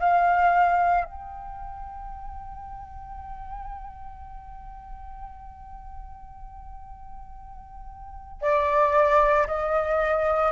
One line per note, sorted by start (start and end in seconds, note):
0.00 1.05 F5
1.05 8.42 G5
8.42 9.47 D5
9.48 10.53 D#5